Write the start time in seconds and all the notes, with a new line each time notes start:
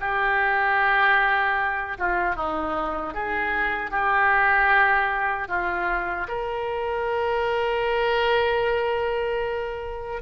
0.00 G4
1.98 F4
2.36 D#4
3.14 G#4
3.90 G4
5.48 F4
6.28 A#4